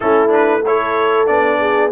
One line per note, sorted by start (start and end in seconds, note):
0.00 1.28 A3
0.00 0.28 C#4
0.00 0.64 E4
0.00 0.31 A4
0.28 0.60 D4
0.28 0.65 B4
0.66 1.26 E4
0.66 1.59 A4
0.66 1.27 C#5
1.26 1.91 B3
1.26 1.90 D4
1.26 1.90 D5
1.59 1.91 G#4